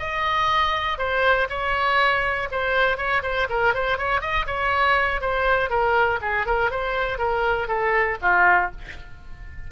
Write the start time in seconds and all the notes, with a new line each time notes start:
0.00 D#5
0.99 C5
1.50 C#5
2.52 C5
2.98 C#5
3.23 C5
3.50 A#4
3.75 C5
3.98 C#5
4.21 D#5
4.47 C#5
5.21 C5
5.70 A#4
6.22 G#4
6.47 A#4
6.71 C5
7.19 A#4
7.68 A4
8.22 F4